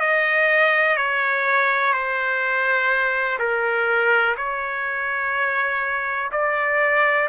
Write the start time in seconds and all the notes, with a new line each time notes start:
0.00 D#5
0.97 C#5
1.93 C5
3.39 A#4
4.37 C#5
6.32 D5